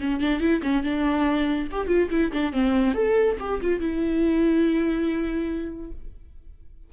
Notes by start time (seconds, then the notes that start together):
0.00 C#4
0.20 D4
0.40 E4
0.62 C#4
0.83 D4
1.71 G4
1.87 F4
2.11 E4
2.32 D4
2.52 C4
2.94 A4
3.40 G4
3.61 F4
3.80 E4